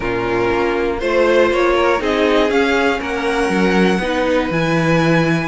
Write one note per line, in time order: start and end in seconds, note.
0.00 0.50 A#2
0.00 0.99 C#4
0.00 0.99 F4
0.00 0.99 A#4
0.52 1.02 A#3
0.99 1.50 A3
0.99 1.98 F4
0.99 1.74 C5
0.99 1.52 C5
1.50 2.00 A#3
1.50 2.02 C#5
1.76 2.01 A#4
1.98 2.50 C4
1.98 2.48 D#4
1.98 2.99 G#4
1.98 2.50 D#5
2.49 3.99 C#4
2.49 3.00 C#4
2.49 3.00 F5
2.99 3.49 A#3
2.99 3.99 A#4
2.99 4.51 F#5
3.49 3.99 F#3
3.99 4.49 B3
3.99 4.52 D#4
3.99 5.48 B4
4.50 5.48 E3
4.50 5.48 E4
4.50 5.48 G#5